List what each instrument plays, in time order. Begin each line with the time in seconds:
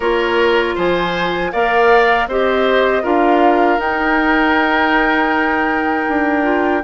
0.00 bassoon A#3, clarinet F4, oboe A#4, flute C#5
0.75 bassoon F3, oboe C5, flute G#5
1.51 bassoon A#3, clarinet A#4, oboe D5, flute F5
2.27 bassoon C4, clarinet G4, oboe C5, flute D#5
3.02 bassoon D4, clarinet F4, oboe A#4, flute F5
3.78 bassoon D#4, clarinet D#4, flute G5
6.08 bassoon D4
6.42 clarinet F4